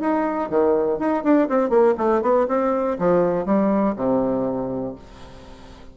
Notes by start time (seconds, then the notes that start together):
0.00 D#4
0.49 D#3
0.98 D#4
1.23 D4
1.48 C4
1.69 A#3
1.97 A3
2.22 B3
2.48 C4
2.98 F3
3.45 G3
3.96 C3